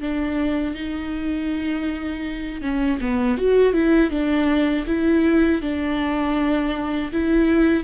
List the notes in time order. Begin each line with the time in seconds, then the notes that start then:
0.00 D4
0.74 D#4
2.61 C#4
3.00 B3
3.37 F#4
3.73 E4
4.10 D4
4.86 E4
5.61 D4
7.12 E4